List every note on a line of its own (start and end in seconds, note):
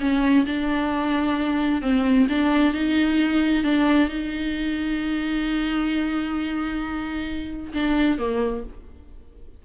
0.00 0.45 C#4
0.46 1.82 D4
1.82 2.27 C4
2.29 2.74 D4
2.74 3.64 D#4
3.64 4.09 D4
4.09 7.73 D#4
7.74 8.18 D4
8.18 8.63 A#3